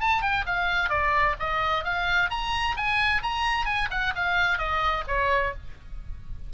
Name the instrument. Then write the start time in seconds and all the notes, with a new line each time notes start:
oboe
0.00 A5
0.22 G5
0.46 F5
0.89 D5
1.39 D#5
1.84 F5
2.30 A#5
2.76 G#5
3.22 A#5
3.65 G#5
3.90 F#5
4.15 F5
4.58 D#5
5.07 C#5